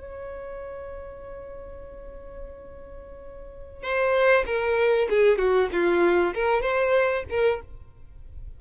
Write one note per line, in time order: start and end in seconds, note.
0.00 3.83 C#5
3.83 4.45 C5
4.46 5.08 A#4
5.09 5.38 G#4
5.38 5.69 F#4
5.72 6.34 F4
6.34 6.62 A#4
6.62 7.24 C5
7.30 7.61 A#4